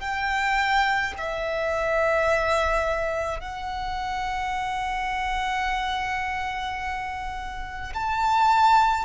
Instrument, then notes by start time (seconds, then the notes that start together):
violin
0.00 G5
1.18 E5
3.40 F#5
7.95 A5